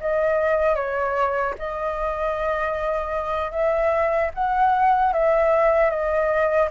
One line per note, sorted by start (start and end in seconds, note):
0.00 0.75 D#5
0.75 1.54 C#5
1.58 3.51 D#5
3.51 4.30 E5
4.34 5.13 F#5
5.13 5.90 E5
5.90 6.69 D#5